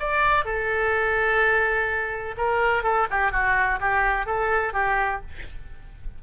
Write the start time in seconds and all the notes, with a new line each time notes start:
0.00 D5
0.45 A4
2.38 A#4
2.84 A4
3.11 G4
3.32 F#4
3.81 G4
4.27 A4
4.74 G4